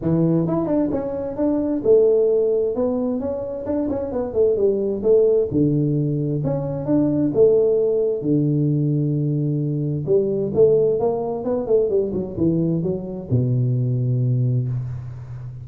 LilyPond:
\new Staff \with { instrumentName = "tuba" } { \time 4/4 \tempo 4 = 131 e4 e'8 d'8 cis'4 d'4 | a2 b4 cis'4 | d'8 cis'8 b8 a8 g4 a4 | d2 cis'4 d'4 |
a2 d2~ | d2 g4 a4 | ais4 b8 a8 g8 fis8 e4 | fis4 b,2. | }